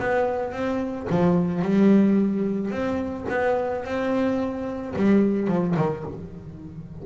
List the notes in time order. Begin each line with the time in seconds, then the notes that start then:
0.00 B3
0.53 C4
1.10 F3
1.62 G3
2.71 C4
3.30 B3
3.85 C4
4.97 G3
5.48 F3
5.77 D#3